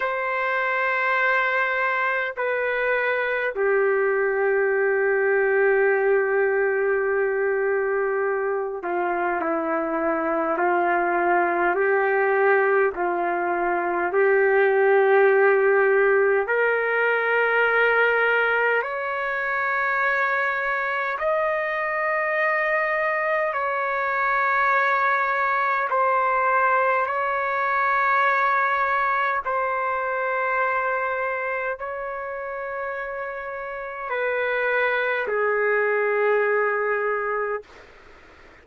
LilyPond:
\new Staff \with { instrumentName = "trumpet" } { \time 4/4 \tempo 4 = 51 c''2 b'4 g'4~ | g'2.~ g'8 f'8 | e'4 f'4 g'4 f'4 | g'2 ais'2 |
cis''2 dis''2 | cis''2 c''4 cis''4~ | cis''4 c''2 cis''4~ | cis''4 b'4 gis'2 | }